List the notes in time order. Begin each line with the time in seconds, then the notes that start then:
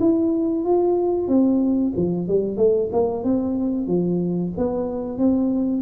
0.00 E4
0.65 F4
1.28 C4
1.96 F3
2.28 G3
2.57 A3
2.92 A#3
3.24 C4
3.87 F3
4.58 B3
5.18 C4